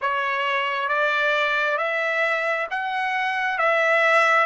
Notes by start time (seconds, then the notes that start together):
0.01 C#5
0.88 D5
1.77 E5
2.70 F#5
3.58 E5